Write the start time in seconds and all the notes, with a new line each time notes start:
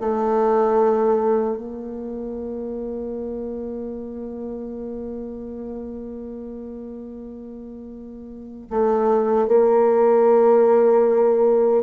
0.00 A3
1.57 A#3
8.70 A3
9.48 A#3